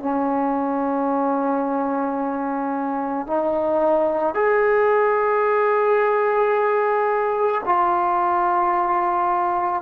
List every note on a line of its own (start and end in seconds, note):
0.00 3.27 C#4
3.27 4.35 D#4
4.35 7.62 G#4
7.66 9.83 F4